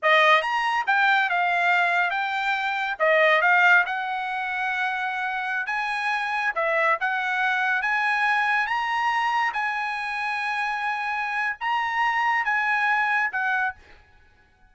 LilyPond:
\new Staff \with { instrumentName = "trumpet" } { \time 4/4 \tempo 4 = 140 dis''4 ais''4 g''4 f''4~ | f''4 g''2 dis''4 | f''4 fis''2.~ | fis''4~ fis''16 gis''2 e''8.~ |
e''16 fis''2 gis''4.~ gis''16~ | gis''16 ais''2 gis''4.~ gis''16~ | gis''2. ais''4~ | ais''4 gis''2 fis''4 | }